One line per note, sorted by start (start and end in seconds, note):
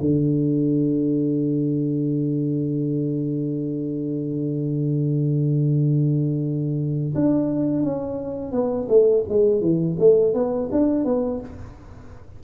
0.00 7.15 D3
7.15 7.82 D4
7.82 8.52 C#4
8.52 8.88 B3
8.89 9.24 A3
9.29 9.61 G#3
9.61 9.97 E3
9.99 10.34 A3
10.34 10.70 B3
10.72 11.05 D4
11.05 11.41 B3